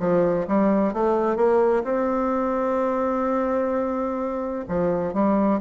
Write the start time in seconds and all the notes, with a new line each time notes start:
0.00 F3
0.47 G3
0.94 A3
1.36 A#3
1.84 C4
4.68 F3
5.13 G3